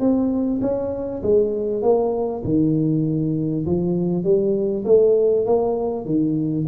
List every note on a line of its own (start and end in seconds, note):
0.00 0.61 C4
0.61 1.22 C#4
1.23 1.82 G#3
1.82 2.43 A#3
2.44 3.66 D#3
3.66 4.24 F3
4.24 4.85 G3
4.85 5.46 A3
5.46 6.05 A#3
6.05 6.66 D#3